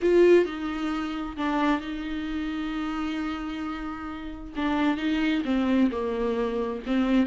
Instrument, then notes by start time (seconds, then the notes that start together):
viola
0.02 F4
0.45 D#4
1.36 D4
1.81 D#4
4.56 D4
4.97 D#4
5.44 C4
5.91 A#3
6.86 C4